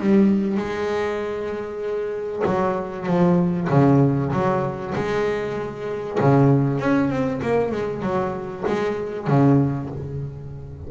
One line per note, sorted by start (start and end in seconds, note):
0.00 0.57 G3
0.57 2.43 G#3
2.46 3.06 F#3
3.06 3.68 F3
3.70 4.32 C#3
4.32 4.94 F#3
4.95 6.19 G#3
6.21 6.80 C#3
6.80 7.10 C#4
7.10 7.41 C4
7.43 7.72 A#3
7.72 8.02 G#3
8.02 8.64 F#3
8.67 9.28 G#3
9.28 9.90 C#3